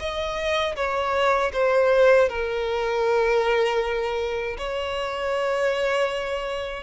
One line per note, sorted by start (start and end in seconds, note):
0.00 0.76 D#5
0.76 1.52 C#5
1.54 2.30 C5
2.30 4.57 A#4
4.58 6.84 C#5